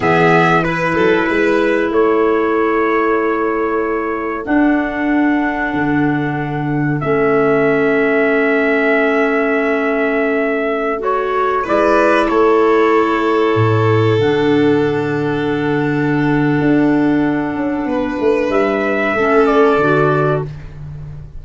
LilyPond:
<<
  \new Staff \with { instrumentName = "trumpet" } { \time 4/4 \tempo 4 = 94 e''4 b'2 cis''4~ | cis''2. fis''4~ | fis''2. e''4~ | e''1~ |
e''4~ e''16 cis''4 d''4 cis''8.~ | cis''2~ cis''16 fis''4.~ fis''16~ | fis''1~ | fis''4 e''4. d''4. | }
  \new Staff \with { instrumentName = "violin" } { \time 4/4 gis'4 b'8 a'8 b'4 a'4~ | a'1~ | a'1~ | a'1~ |
a'2~ a'16 b'4 a'8.~ | a'1~ | a'1 | b'2 a'2 | }
  \new Staff \with { instrumentName = "clarinet" } { \time 4/4 b4 e'2.~ | e'2. d'4~ | d'2. cis'4~ | cis'1~ |
cis'4~ cis'16 fis'4 e'4.~ e'16~ | e'2~ e'16 d'4.~ d'16~ | d'1~ | d'2 cis'4 fis'4 | }
  \new Staff \with { instrumentName = "tuba" } { \time 4/4 e4. fis8 gis4 a4~ | a2. d'4~ | d'4 d2 a4~ | a1~ |
a2~ a16 gis4 a8.~ | a4~ a16 a,4 d4.~ d16~ | d2 d'4. cis'8 | b8 a8 g4 a4 d4 | }
>>